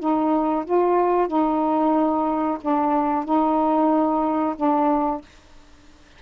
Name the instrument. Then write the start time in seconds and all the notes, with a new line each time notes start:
saxophone
0.00 D#4
0.66 F4
1.28 D#4
2.61 D4
3.25 D#4
4.57 D4